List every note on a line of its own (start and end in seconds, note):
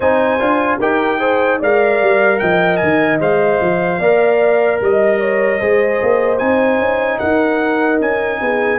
0.00 0.40 C4
0.00 0.39 D#4
0.00 0.78 C5
0.00 0.78 G#5
0.39 0.80 D4
0.39 0.79 F4
0.79 1.61 D#4
0.79 1.19 G4
0.79 1.19 A#4
0.79 1.61 G5
1.19 1.59 G#4
1.19 1.58 C5
1.58 2.01 G#3
1.58 3.20 A#4
1.58 2.38 D5
1.58 2.39 F5
2.01 2.41 G3
2.39 2.82 F3
2.39 3.99 D#5
2.39 2.77 G5
2.77 3.17 G#5
2.83 3.20 D#3
3.20 3.60 G#3
3.20 4.00 C5
3.20 4.81 F5
3.60 3.99 F3
3.99 4.79 A#3
3.99 5.61 A#4
3.99 4.79 D5
4.80 5.60 G3
4.80 6.38 D#5
4.80 5.20 D#5
5.20 5.59 C#5
5.59 6.01 G#3
5.59 6.39 G#4
5.59 7.19 C5
6.02 6.41 A#3
6.38 6.79 C4
6.38 8.79 D#4
6.38 7.18 G#5
6.79 7.19 C#4
7.19 8.00 D#4
7.19 8.38 A#4
7.19 7.99 F#5
8.00 8.40 C#4
8.00 8.79 G#5
8.40 8.79 B3
8.40 8.79 G#4